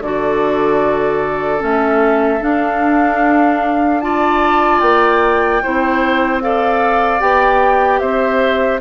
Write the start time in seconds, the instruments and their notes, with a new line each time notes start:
0.00 bassoon D3, clarinet F#4, oboe A4, flute D5
1.59 bassoon A3, clarinet C#4, flute E5
2.40 clarinet D4, bassoon D4, flute F5
4.01 clarinet F4, oboe D5, flute A5
4.80 bassoon A#3, flute G5
5.63 bassoon C4, clarinet E4, oboe C5
6.42 clarinet A4, oboe D5, flute F5
7.20 bassoon B3, clarinet G4, flute G5
8.00 bassoon C4, oboe C5, flute E5